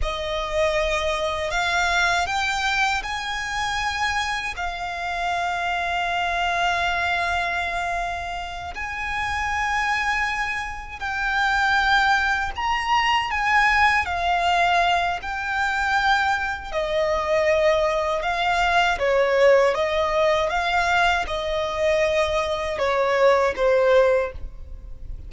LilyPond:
\new Staff \with { instrumentName = "violin" } { \time 4/4 \tempo 4 = 79 dis''2 f''4 g''4 | gis''2 f''2~ | f''2.~ f''8 gis''8~ | gis''2~ gis''8 g''4.~ |
g''8 ais''4 gis''4 f''4. | g''2 dis''2 | f''4 cis''4 dis''4 f''4 | dis''2 cis''4 c''4 | }